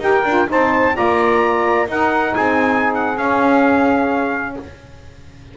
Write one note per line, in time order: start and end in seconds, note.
0.00 0.23 D#4
0.00 0.24 G4
0.00 0.49 A#4
0.00 0.50 G5
0.25 0.48 D4
0.25 0.48 F4
0.48 0.99 C4
0.48 0.93 D#4
0.48 0.96 C5
0.48 0.97 A5
0.93 1.88 A#3
0.93 1.86 F4
0.93 1.89 D5
0.93 1.90 A#5
1.87 3.15 D#4
1.87 2.35 D#4
1.87 2.34 A#4
1.87 2.35 F#5
2.34 3.18 C4
2.34 4.55 G#4
2.34 2.93 G#5
2.95 3.18 F#5
3.16 4.56 C#4
3.16 4.57 C#4
3.16 4.57 F5